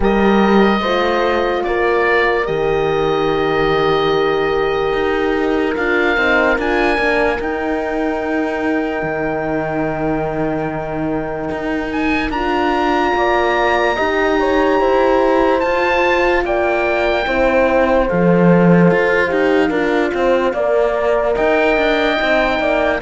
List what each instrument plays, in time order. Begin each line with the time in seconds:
0.00 cello G3, horn G4 A#4, oboe D#5
0.80 cello A3, horn F4 C5
1.63 cello A#3, horn A#4, oboe D5
2.46 cello D#3, horn G4, oboe D#5
4.92 cello D#4
5.75 cello D4, horn F4, oboe F5
6.16 cello C4, horn D#4
6.58 cello D4, horn F4, oboe G#5
6.96 cello A#3, horn D4
7.39 cello D#4, horn D#4, oboe G5
9.02 cello D#3
11.51 cello D#4
11.91 oboe G#5
12.30 cello D4, horn F4, oboe A#5
13.15 cello A#3, horn D5
13.96 cello D#4, horn G4 D#5
14.39 horn C#5
14.80 cello E4, horn C5
15.60 cello F4, horn F4, oboe A5
16.44 cello A#3, horn D5, oboe G5
17.25 cello C4, horn E4 C5
18.07 cello F3, horn A4, oboe F5
18.90 cello F4
19.28 cello D#4, horn G4
19.69 cello D4, horn F4 A#4
20.14 cello C4, horn C5
20.53 cello A#3, horn A#4 D5
21.36 cello D#4, horn D#5, oboe G5
21.77 cello D4
22.17 cello C4, horn D#4
22.59 cello A#3, horn D5